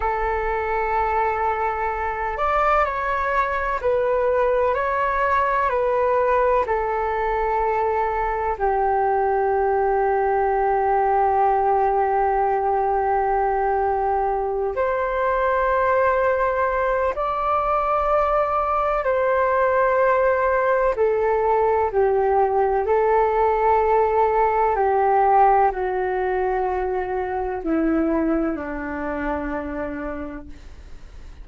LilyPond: \new Staff \with { instrumentName = "flute" } { \time 4/4 \tempo 4 = 63 a'2~ a'8 d''8 cis''4 | b'4 cis''4 b'4 a'4~ | a'4 g'2.~ | g'2.~ g'8 c''8~ |
c''2 d''2 | c''2 a'4 g'4 | a'2 g'4 fis'4~ | fis'4 e'4 d'2 | }